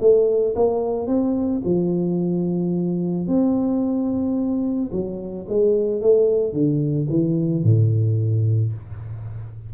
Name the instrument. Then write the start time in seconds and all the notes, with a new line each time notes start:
tuba
0.00 A3
0.55 A#3
1.07 C4
1.65 F3
3.27 C4
4.92 F#3
5.48 G#3
6.01 A3
6.53 D3
7.09 E3
7.63 A2